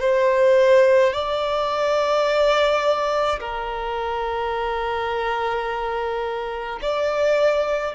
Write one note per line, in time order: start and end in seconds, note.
0.00 1.13 C5
1.13 3.40 D5
3.40 6.80 A#4
6.82 7.95 D5